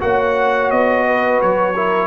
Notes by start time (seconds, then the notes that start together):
0.00 A#3 F#4 C#5 F#5
0.71 B3 D#5
1.06 B4
1.42 F#3 C#5
1.75 E4 A#4